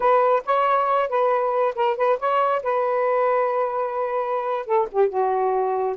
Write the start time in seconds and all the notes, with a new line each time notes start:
0.00 B4
0.45 C#5
1.09 B4
1.75 A#4
1.96 B4
2.19 C#5
2.62 B4
4.66 A4
4.91 G4
5.08 F#4